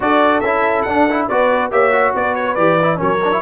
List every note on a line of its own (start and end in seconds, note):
0.00 0.42 D4
0.00 0.43 F#4
0.00 1.28 A4
0.00 0.40 D5
0.40 0.85 C#4
0.40 0.87 E4
0.40 0.82 E5
0.82 1.28 D4
0.82 1.09 D4
0.82 1.25 F#5
1.10 1.29 E4
1.28 1.70 B3
1.28 1.71 F#4
1.28 1.71 B4
1.28 1.71 D5
1.70 2.13 A#3
1.70 1.92 G4
1.70 2.14 C#5
1.70 2.14 E5
1.92 2.56 F#4
2.14 2.56 B3
2.14 2.98 B4
2.14 2.35 D5
2.35 2.54 C#5
2.54 2.99 E3
2.54 2.79 G4
2.54 2.97 D5
2.82 2.95 E4
2.95 3.42 F#3
2.95 3.17 C#4
2.95 3.41 A#4
2.95 3.42 C#5
3.24 3.31 D4
3.31 3.42 E4